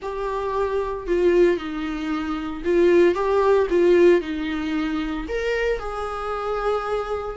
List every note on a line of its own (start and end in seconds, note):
0.02 1.06 G4
1.06 1.57 F4
1.57 2.62 D#4
2.64 3.14 F4
3.14 3.67 G4
3.69 4.21 F4
4.21 5.26 D#4
5.28 5.79 A#4
5.79 7.36 G#4